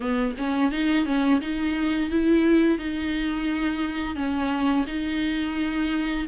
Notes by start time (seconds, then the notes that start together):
0.00 B3
0.37 C#4
0.71 D#4
1.05 C#4
1.40 D#4
2.10 E4
2.78 D#4
4.15 C#4
4.86 D#4